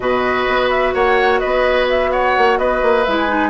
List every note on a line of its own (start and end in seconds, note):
0.00 0.47 B2
0.00 3.03 F#4
0.00 0.94 B4
0.00 0.70 D#5
0.48 0.94 B3
0.70 0.93 E5
0.94 1.41 A#3
0.94 1.39 C#5
0.94 1.39 F#5
1.39 2.37 B3
1.39 2.10 B4
1.39 1.86 D#5
1.89 2.11 E5
2.11 2.58 C#5
2.11 2.58 F#5
2.37 2.58 A#3
2.58 2.81 B3
2.58 3.49 B4
2.58 3.04 D#5
2.82 3.06 A#3
3.04 3.49 G#3
3.04 3.28 E4
3.04 3.15 E5
3.18 3.49 G#5
3.28 3.49 D#4